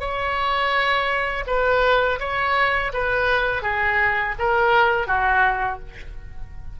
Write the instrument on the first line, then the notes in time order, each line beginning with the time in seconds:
oboe
0.00 C#5
1.47 B4
2.20 C#5
2.93 B4
3.62 G#4
4.39 A#4
5.07 F#4